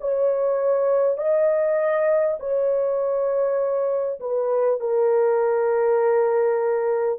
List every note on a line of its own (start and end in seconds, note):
0.00 1.17 C#5
1.17 2.37 D#5
2.39 4.19 C#5
4.19 4.79 B4
4.80 7.19 A#4